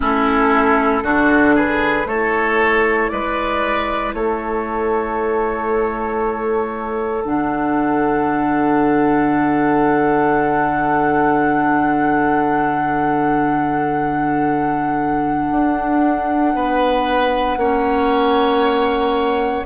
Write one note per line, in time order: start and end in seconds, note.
0.00 1.03 A3
0.00 1.02 C#4
0.00 1.03 E4
0.00 1.56 A4
1.03 2.05 D3
1.03 2.05 D4
1.03 1.55 F#4
1.55 2.07 G#4
1.55 2.07 B4
2.05 3.08 A3
2.05 7.22 E4
2.05 3.11 A4
2.05 3.09 C#5
3.09 4.13 G#3
3.09 4.15 B4
3.09 4.12 D5
4.13 7.23 A3
4.13 16.55 A4
4.13 7.24 C#5
7.24 15.51 D3
7.24 17.58 D4
7.24 19.66 F#5
15.51 16.54 D4
16.54 17.56 B3
16.54 17.58 B4
17.56 19.63 A#3
17.56 19.66 C#4
17.56 19.66 C#5